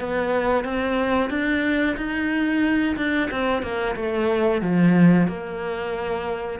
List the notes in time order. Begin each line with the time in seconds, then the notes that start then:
0.00 B3
0.64 C4
1.30 D4
1.97 D#4
2.97 D4
3.31 C4
3.62 A#3
3.96 A3
4.62 F3
5.28 A#3